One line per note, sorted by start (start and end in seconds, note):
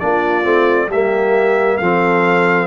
0.00 0.45 A#3
0.00 0.43 D4
0.00 0.87 F4
0.00 0.90 D5
0.43 0.87 A3
0.43 0.88 C4
0.87 1.77 G3
0.87 1.82 A#3
0.87 1.77 G4
0.87 1.78 E5
1.78 2.67 F3
1.78 2.67 C4
1.78 2.67 A4
1.78 2.67 F5